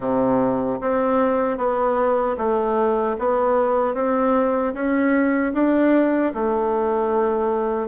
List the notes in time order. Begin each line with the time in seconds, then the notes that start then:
0.00 C3
0.80 C4
1.57 B3
2.37 A3
3.18 B3
3.94 C4
4.74 C#4
5.53 D4
6.34 A3